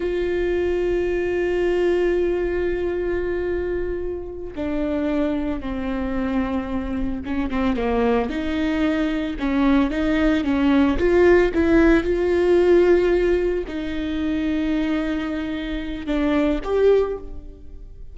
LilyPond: \new Staff \with { instrumentName = "viola" } { \time 4/4 \tempo 4 = 112 f'1~ | f'1~ | f'8 d'2 c'4.~ | c'4. cis'8 c'8 ais4 dis'8~ |
dis'4. cis'4 dis'4 cis'8~ | cis'8 f'4 e'4 f'4.~ | f'4. dis'2~ dis'8~ | dis'2 d'4 g'4 | }